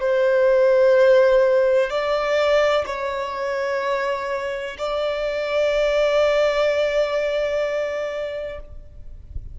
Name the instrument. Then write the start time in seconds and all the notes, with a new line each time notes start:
violin
0.00 C5
1.90 D5
2.86 C#5
4.78 D5